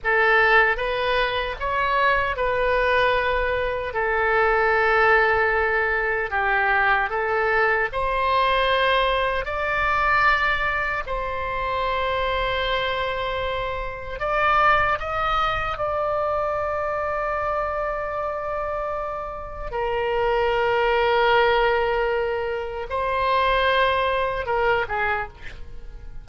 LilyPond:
\new Staff \with { instrumentName = "oboe" } { \time 4/4 \tempo 4 = 76 a'4 b'4 cis''4 b'4~ | b'4 a'2. | g'4 a'4 c''2 | d''2 c''2~ |
c''2 d''4 dis''4 | d''1~ | d''4 ais'2.~ | ais'4 c''2 ais'8 gis'8 | }